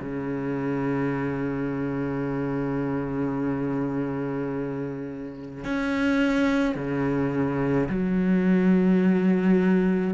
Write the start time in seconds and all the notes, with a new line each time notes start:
0.00 C#3
5.65 C#4
6.76 C#3
7.89 F#3